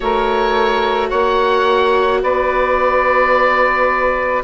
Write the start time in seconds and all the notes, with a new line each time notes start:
0.00 A3 F#4 A#4 C#5
1.08 A#3 C#5 F#5
2.22 B3 B4 D5